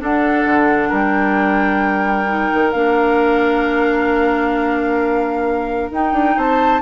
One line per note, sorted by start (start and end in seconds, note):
0.00 2.27 D4
0.00 0.45 D4
0.00 0.89 A4
0.00 0.94 F#5
0.45 0.91 D3
0.89 2.51 G3
0.89 6.35 A#4
0.89 2.71 G5
2.27 2.73 D#4
2.54 2.74 D#3
2.71 5.91 A#3
2.71 5.92 D4
2.71 5.90 F5
5.91 6.13 D#4
5.91 6.82 D#4
5.91 6.39 G5
6.13 6.36 D4
6.37 6.82 C4
6.37 6.82 C5
6.37 6.82 A5